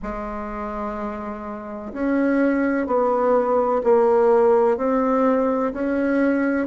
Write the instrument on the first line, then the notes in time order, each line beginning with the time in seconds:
bassoon
0.02 G#3
1.93 C#4
2.86 B3
3.84 A#3
4.77 C4
5.73 C#4